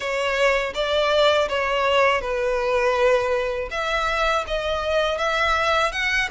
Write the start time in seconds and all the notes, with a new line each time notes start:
0.00 C#5
0.74 D5
1.48 C#5
2.21 B4
3.70 E5
4.47 D#5
5.18 E5
5.92 F#5